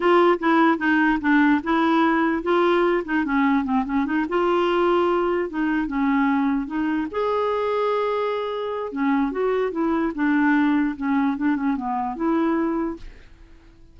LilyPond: \new Staff \with { instrumentName = "clarinet" } { \time 4/4 \tempo 4 = 148 f'4 e'4 dis'4 d'4 | e'2 f'4. dis'8 | cis'4 c'8 cis'8 dis'8 f'4.~ | f'4. dis'4 cis'4.~ |
cis'8 dis'4 gis'2~ gis'8~ | gis'2 cis'4 fis'4 | e'4 d'2 cis'4 | d'8 cis'8 b4 e'2 | }